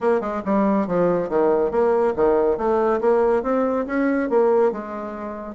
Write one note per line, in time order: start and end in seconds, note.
0.00 0.20 A#3
0.20 0.42 G#3
0.45 0.87 G3
0.87 1.29 F3
1.29 1.71 D#3
1.71 2.14 A#3
2.15 2.57 D#3
2.57 3.00 A3
3.00 3.43 A#3
3.43 3.86 C4
3.86 4.29 C#4
4.29 4.71 A#3
4.71 5.55 G#3